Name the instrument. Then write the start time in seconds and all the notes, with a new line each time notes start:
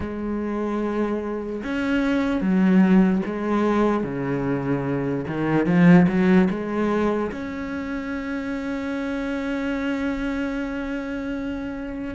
cello
0.00 G#3
1.63 C#4
2.41 F#3
3.25 G#3
4.03 C#3
5.27 D#3
5.65 F3
6.08 F#3
6.50 G#3
7.31 C#4